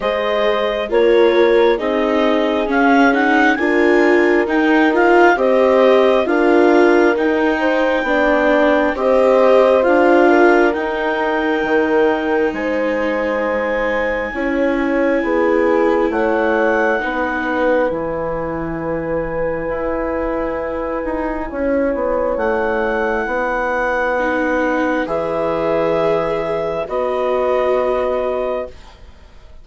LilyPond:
<<
  \new Staff \with { instrumentName = "clarinet" } { \time 4/4 \tempo 4 = 67 dis''4 cis''4 dis''4 f''8 fis''8 | gis''4 g''8 f''8 dis''4 f''4 | g''2 dis''4 f''4 | g''2 gis''2~ |
gis''2 fis''2 | gis''1~ | gis''4 fis''2. | e''2 dis''2 | }
  \new Staff \with { instrumentName = "horn" } { \time 4/4 c''4 ais'4 gis'2 | ais'2 c''4 ais'4~ | ais'8 c''8 d''4 c''4. ais'8~ | ais'2 c''2 |
cis''4 gis'4 cis''4 b'4~ | b'1 | cis''2 b'2~ | b'1 | }
  \new Staff \with { instrumentName = "viola" } { \time 4/4 gis'4 f'4 dis'4 cis'8 dis'8 | f'4 dis'8 f'8 g'4 f'4 | dis'4 d'4 g'4 f'4 | dis'1 |
e'2. dis'4 | e'1~ | e'2. dis'4 | gis'2 fis'2 | }
  \new Staff \with { instrumentName = "bassoon" } { \time 4/4 gis4 ais4 c'4 cis'4 | d'4 dis'4 c'4 d'4 | dis'4 b4 c'4 d'4 | dis'4 dis4 gis2 |
cis'4 b4 a4 b4 | e2 e'4. dis'8 | cis'8 b8 a4 b2 | e2 b2 | }
>>